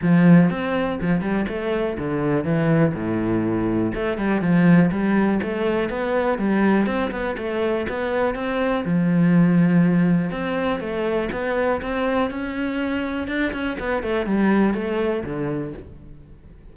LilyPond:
\new Staff \with { instrumentName = "cello" } { \time 4/4 \tempo 4 = 122 f4 c'4 f8 g8 a4 | d4 e4 a,2 | a8 g8 f4 g4 a4 | b4 g4 c'8 b8 a4 |
b4 c'4 f2~ | f4 c'4 a4 b4 | c'4 cis'2 d'8 cis'8 | b8 a8 g4 a4 d4 | }